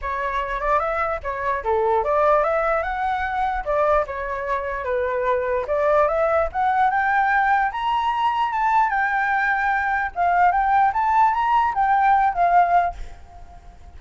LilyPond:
\new Staff \with { instrumentName = "flute" } { \time 4/4 \tempo 4 = 148 cis''4. d''8 e''4 cis''4 | a'4 d''4 e''4 fis''4~ | fis''4 d''4 cis''2 | b'2 d''4 e''4 |
fis''4 g''2 ais''4~ | ais''4 a''4 g''2~ | g''4 f''4 g''4 a''4 | ais''4 g''4. f''4. | }